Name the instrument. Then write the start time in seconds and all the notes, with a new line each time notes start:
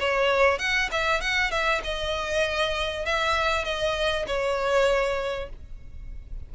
violin
0.00 C#5
0.59 F#5
0.92 E5
1.21 F#5
1.51 E5
1.84 D#5
3.06 E5
3.65 D#5
4.27 C#5